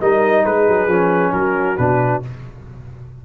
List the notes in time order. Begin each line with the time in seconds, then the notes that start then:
0.00 G3 D#4 A#4 D#5
0.43 G#3 G#4 B4
0.68 F#3
0.87 F3 C#4
1.33 F#3 F#4 A#4
1.77 B2 D4 B4